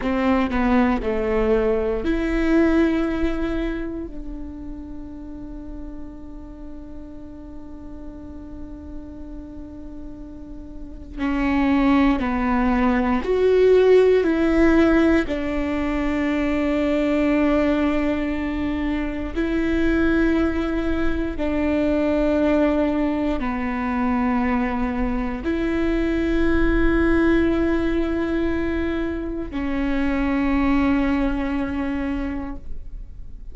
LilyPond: \new Staff \with { instrumentName = "viola" } { \time 4/4 \tempo 4 = 59 c'8 b8 a4 e'2 | d'1~ | d'2. cis'4 | b4 fis'4 e'4 d'4~ |
d'2. e'4~ | e'4 d'2 b4~ | b4 e'2.~ | e'4 cis'2. | }